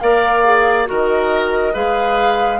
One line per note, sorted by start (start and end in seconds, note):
0.00 0.88 A#3
0.00 0.44 A#4
0.00 0.89 D5
0.00 0.87 F5
0.44 0.85 G#4
0.85 1.75 D#3
0.85 1.72 F#4
0.85 1.73 A#4
0.85 1.75 D#5
1.73 2.59 G#3
1.73 2.59 G#4
1.73 2.59 B4
1.73 2.59 F5